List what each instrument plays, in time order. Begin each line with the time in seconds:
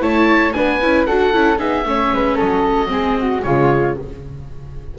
0.00 double bass A3, viola E4, flute C#5, oboe A5
0.53 double bass B3, viola D4, flute B4, oboe G#5
0.81 double bass C#4, viola E4
1.06 double bass D4, viola F#4, flute A4, oboe F#5
1.33 double bass C#4, viola E4
1.57 double bass B3, viola D#4, flute G#4, oboe E5
1.85 double bass A3, viola C#4, flute C#5
2.13 double bass G#3, flute B4
2.35 double bass F#3, flute A4, oboe D#5
2.87 double bass G#3, viola C4, flute G#4
3.18 flute F#4
3.42 double bass C#3, viola G#3, flute F4, oboe C#5